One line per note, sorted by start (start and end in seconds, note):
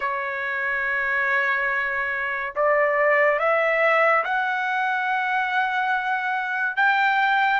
0.00 2.54 C#5
2.55 3.39 D5
3.39 4.23 E5
4.24 6.76 F#5
6.76 7.60 G5